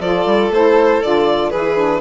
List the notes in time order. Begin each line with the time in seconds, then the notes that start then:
0.00 F3 F4 A4 D5
0.26 G3
0.51 A3 E4 C5
1.03 D3 F4 D5
1.50 E3 E4 G#4 B4
1.77 D4